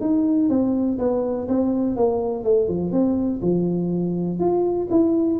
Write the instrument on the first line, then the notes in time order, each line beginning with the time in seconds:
tuba
0.00 D#4
0.49 C4
0.98 B3
1.48 C4
1.96 A#3
2.43 A3
2.68 F3
2.91 C4
3.41 F3
4.39 F4
4.90 E4